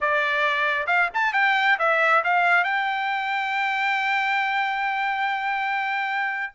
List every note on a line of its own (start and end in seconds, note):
0.00 0.86 D5
0.86 1.09 F5
1.14 1.33 A5
1.33 1.77 G5
1.78 2.23 E5
2.24 2.64 F5
2.64 6.53 G5